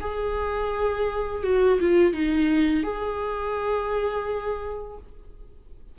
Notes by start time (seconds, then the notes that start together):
0.00 G#4
1.43 F#4
1.80 F4
2.13 D#4
2.83 G#4